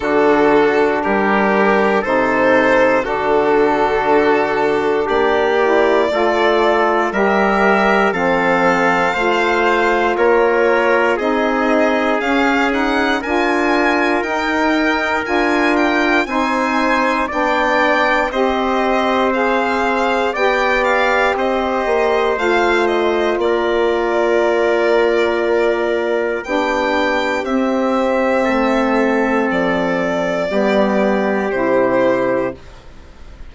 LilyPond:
<<
  \new Staff \with { instrumentName = "violin" } { \time 4/4 \tempo 4 = 59 a'4 ais'4 c''4 a'4~ | a'4 d''2 e''4 | f''2 cis''4 dis''4 | f''8 fis''8 gis''4 g''4 gis''8 g''8 |
gis''4 g''4 dis''4 f''4 | g''8 f''8 dis''4 f''8 dis''8 d''4~ | d''2 g''4 e''4~ | e''4 d''2 c''4 | }
  \new Staff \with { instrumentName = "trumpet" } { \time 4/4 fis'4 g'4 a'4 fis'4~ | fis'4 g'4 a'4 ais'4 | a'4 c''4 ais'4 gis'4~ | gis'4 ais'2. |
c''4 d''4 c''2 | d''4 c''2 ais'4~ | ais'2 g'2 | a'2 g'2 | }
  \new Staff \with { instrumentName = "saxophone" } { \time 4/4 d'2 dis'4 d'4~ | d'4. e'8 f'4 g'4 | c'4 f'2 dis'4 | cis'8 dis'8 f'4 dis'4 f'4 |
dis'4 d'4 g'4 gis'4 | g'2 f'2~ | f'2 d'4 c'4~ | c'2 b4 e'4 | }
  \new Staff \with { instrumentName = "bassoon" } { \time 4/4 d4 g4 c4 d4~ | d4 ais4 a4 g4 | f4 a4 ais4 c'4 | cis'4 d'4 dis'4 d'4 |
c'4 b4 c'2 | b4 c'8 ais8 a4 ais4~ | ais2 b4 c'4 | a4 f4 g4 c4 | }
>>